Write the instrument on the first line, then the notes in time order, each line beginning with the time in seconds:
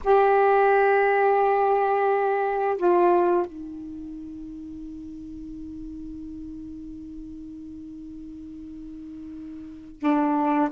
saxophone
0.03 G4
2.77 F4
3.46 D#4
10.00 D4